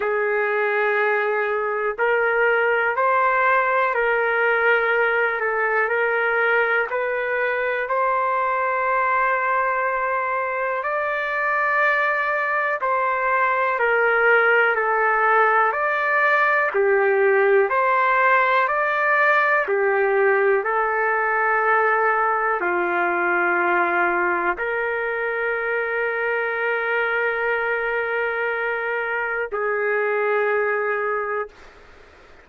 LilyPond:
\new Staff \with { instrumentName = "trumpet" } { \time 4/4 \tempo 4 = 61 gis'2 ais'4 c''4 | ais'4. a'8 ais'4 b'4 | c''2. d''4~ | d''4 c''4 ais'4 a'4 |
d''4 g'4 c''4 d''4 | g'4 a'2 f'4~ | f'4 ais'2.~ | ais'2 gis'2 | }